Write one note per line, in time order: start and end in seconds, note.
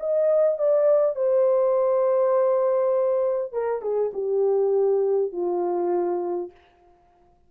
0.00 0.58 D#5
0.58 1.16 D5
1.16 3.53 C5
3.53 3.82 A#4
3.82 4.12 G#4
4.13 5.32 G4
5.32 6.51 F4